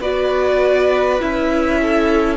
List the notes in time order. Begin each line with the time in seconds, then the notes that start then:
0.00 B3 F#4 B4 D5
1.19 C#4 E4 E5
1.81 A4